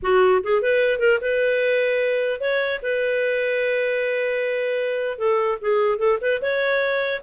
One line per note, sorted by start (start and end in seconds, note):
0.02 0.42 F#4
0.43 0.62 G#4
0.62 0.99 B4
0.99 1.19 A#4
1.21 2.40 B4
2.40 2.80 C#5
2.82 5.18 B4
5.18 5.58 A4
5.61 5.98 G#4
5.98 6.18 A4
6.21 6.41 B4
6.41 7.21 C#5